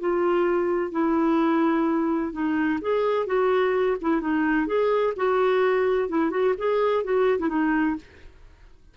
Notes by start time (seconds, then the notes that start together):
0.00 F4
0.92 E4
2.32 D#4
2.81 G#4
3.26 F#4
4.01 E4
4.21 D#4
4.67 G#4
5.16 F#4
6.09 E4
6.30 F#4
6.58 G#4
7.04 F#4
7.39 E4
7.49 D#4